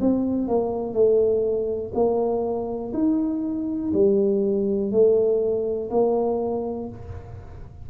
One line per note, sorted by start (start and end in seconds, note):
0.00 0.47 C4
0.47 0.93 A#3
0.93 1.92 A3
1.94 2.92 A#3
2.93 3.92 D#4
3.93 4.91 G3
4.91 5.89 A3
5.90 6.89 A#3